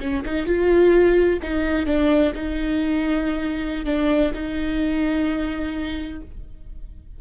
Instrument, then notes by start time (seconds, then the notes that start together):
viola
0.00 C#4
0.25 D#4
0.46 F4
1.42 D#4
1.86 D4
2.35 D#4
3.85 D4
4.34 D#4